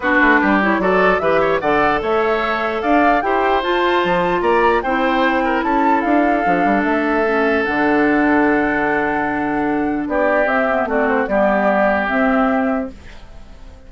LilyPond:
<<
  \new Staff \with { instrumentName = "flute" } { \time 4/4 \tempo 4 = 149 b'4. cis''8 d''4 e''4 | fis''4 e''2 f''4 | g''4 a''2 ais''4 | g''2 a''4 f''4~ |
f''4 e''2 fis''4~ | fis''1~ | fis''4 d''4 e''4 d''8 c''8 | d''2 e''2 | }
  \new Staff \with { instrumentName = "oboe" } { \time 4/4 fis'4 g'4 a'4 b'8 cis''8 | d''4 cis''2 d''4 | c''2. d''4 | c''4. ais'8 a'2~ |
a'1~ | a'1~ | a'4 g'2 fis'4 | g'1 | }
  \new Staff \with { instrumentName = "clarinet" } { \time 4/4 d'4. e'8 fis'4 g'4 | a'1 | g'4 f'2. | e'1 |
d'2 cis'4 d'4~ | d'1~ | d'2 c'8 b8 c'4 | b2 c'2 | }
  \new Staff \with { instrumentName = "bassoon" } { \time 4/4 b8 a8 g4 fis4 e4 | d4 a2 d'4 | e'4 f'4 f4 ais4 | c'2 cis'4 d'4 |
f8 g8 a2 d4~ | d1~ | d4 b4 c'4 a4 | g2 c'2 | }
>>